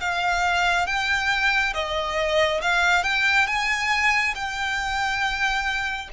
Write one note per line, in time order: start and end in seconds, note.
0.00 0.86 F5
0.86 1.73 G5
1.74 2.61 D#5
2.61 3.03 F5
3.03 3.47 G5
3.47 4.34 G#5
4.35 6.09 G5